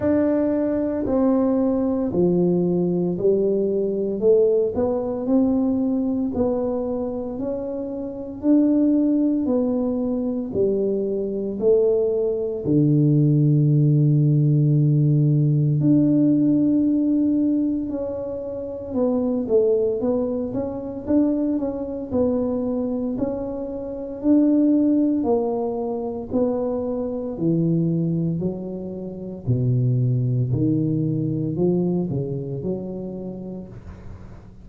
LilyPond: \new Staff \with { instrumentName = "tuba" } { \time 4/4 \tempo 4 = 57 d'4 c'4 f4 g4 | a8 b8 c'4 b4 cis'4 | d'4 b4 g4 a4 | d2. d'4~ |
d'4 cis'4 b8 a8 b8 cis'8 | d'8 cis'8 b4 cis'4 d'4 | ais4 b4 e4 fis4 | b,4 dis4 f8 cis8 fis4 | }